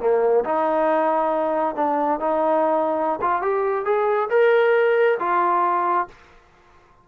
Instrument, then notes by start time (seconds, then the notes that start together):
trombone
0.00 A#3
0.45 D#4
1.76 D4
2.20 D#4
3.21 F4
3.42 G4
3.85 G#4
4.30 A#4
5.19 F4